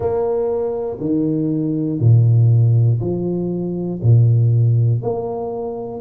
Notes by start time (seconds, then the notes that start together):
0.00 A#3
1.00 D#3
2.00 A#2
3.00 F3
4.02 A#2
5.01 A#3